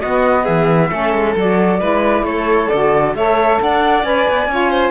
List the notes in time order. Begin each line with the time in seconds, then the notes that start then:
0.00 B3 F#4 D#5
0.43 E3 G#4 E5
0.90 A3 C#4 A4
1.13 G#3
1.36 F#3 F#4 D5
1.79 G#3 E4 B4
2.22 A3 A4 C#5
2.69 D3 F#4 D5
3.14 A3 A4 C#5 E5
3.61 D4 D5 F#5
4.03 C#4 B4 G#5
4.28 B3
4.47 C#4 F4 C#5
4.70 C5